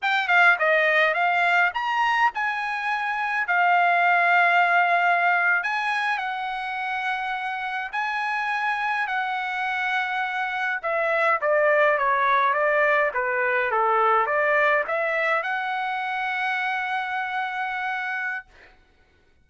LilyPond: \new Staff \with { instrumentName = "trumpet" } { \time 4/4 \tempo 4 = 104 g''8 f''8 dis''4 f''4 ais''4 | gis''2 f''2~ | f''4.~ f''16 gis''4 fis''4~ fis''16~ | fis''4.~ fis''16 gis''2 fis''16~ |
fis''2~ fis''8. e''4 d''16~ | d''8. cis''4 d''4 b'4 a'16~ | a'8. d''4 e''4 fis''4~ fis''16~ | fis''1 | }